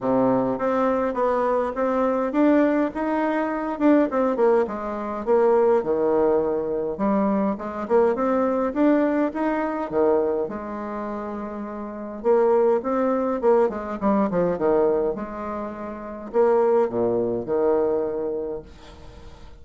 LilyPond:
\new Staff \with { instrumentName = "bassoon" } { \time 4/4 \tempo 4 = 103 c4 c'4 b4 c'4 | d'4 dis'4. d'8 c'8 ais8 | gis4 ais4 dis2 | g4 gis8 ais8 c'4 d'4 |
dis'4 dis4 gis2~ | gis4 ais4 c'4 ais8 gis8 | g8 f8 dis4 gis2 | ais4 ais,4 dis2 | }